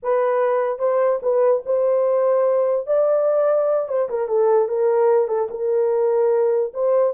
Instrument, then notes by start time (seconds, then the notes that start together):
horn
0.02 B4
0.78 C5
1.22 B4
1.65 C5
2.86 D5
3.88 C5
4.09 A#4
4.28 A4
4.68 A#4
5.28 A4
5.50 A#4
6.73 C5